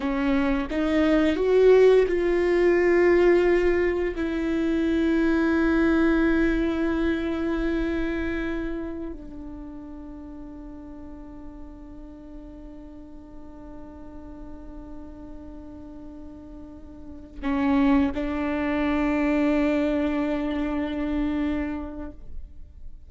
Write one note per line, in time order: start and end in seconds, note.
0.00 0.67 C#4
0.70 1.36 D#4
1.36 2.05 F#4
2.07 4.14 F4
4.15 9.13 E4
9.13 17.40 D4
17.42 18.11 C#4
18.14 22.11 D4